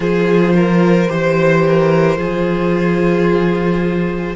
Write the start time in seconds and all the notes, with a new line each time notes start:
0.00 F3 F4 G#4 C5
0.56 A#4
1.08 E3 G4 C5
1.67 A#4
2.16 F3 F4 G#4